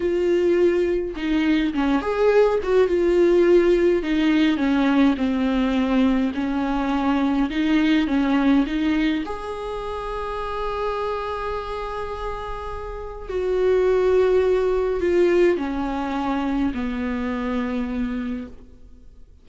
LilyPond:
\new Staff \with { instrumentName = "viola" } { \time 4/4 \tempo 4 = 104 f'2 dis'4 cis'8 gis'8~ | gis'8 fis'8 f'2 dis'4 | cis'4 c'2 cis'4~ | cis'4 dis'4 cis'4 dis'4 |
gis'1~ | gis'2. fis'4~ | fis'2 f'4 cis'4~ | cis'4 b2. | }